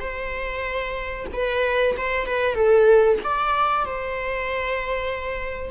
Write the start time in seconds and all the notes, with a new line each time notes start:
0.00 C5
1.33 B4
1.98 C5
2.27 B4
2.55 A4
3.24 D5
3.86 C5